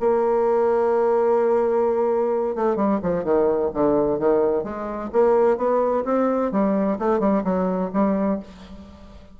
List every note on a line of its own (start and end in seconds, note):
0.00 2.55 A#3
2.55 2.76 A3
2.76 3.00 G3
3.03 3.24 F3
3.24 3.71 D#3
3.74 4.19 D3
4.19 4.64 D#3
4.64 5.10 G#3
5.13 5.57 A#3
5.57 6.04 B3
6.05 6.52 C4
6.52 6.98 G3
6.99 7.20 A3
7.20 7.43 G3
7.44 7.90 F#3
7.93 8.40 G3